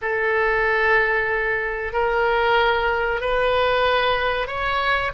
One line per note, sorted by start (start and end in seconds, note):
0.01 1.93 A4
1.93 3.20 A#4
3.20 4.47 B4
4.47 5.11 C#5